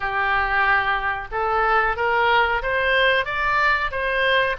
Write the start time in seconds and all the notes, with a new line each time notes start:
0.00 G4
1.31 A4
1.96 A#4
2.62 C5
3.25 D5
3.91 C5